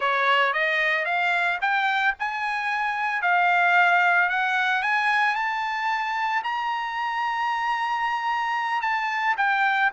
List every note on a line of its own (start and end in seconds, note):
0.00 0.53 C#5
0.53 1.05 D#5
1.05 1.58 F5
1.61 2.14 G5
2.19 3.22 G#5
3.22 4.29 F5
4.29 4.82 F#5
4.82 5.35 G#5
5.35 6.42 A5
6.43 8.81 A#5
8.81 9.35 A5
9.37 9.90 G5